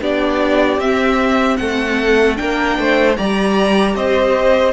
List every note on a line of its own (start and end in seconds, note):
0.00 0.77 B3
0.00 0.79 D4
0.00 1.59 G4
0.00 0.80 D5
0.77 1.56 C4
0.77 2.36 C4
0.77 1.57 E5
1.57 2.39 A3
1.57 2.39 A4
1.57 2.36 F#5
2.36 2.78 A#3
2.36 3.15 D4
2.36 2.79 A#4
2.36 3.15 G5
2.78 3.17 A3
2.78 3.18 C5
3.16 3.94 G3
3.16 4.73 G4
3.16 3.95 D5
3.16 3.95 A#5
3.94 4.73 C4
3.94 4.73 C5
3.94 4.73 D#5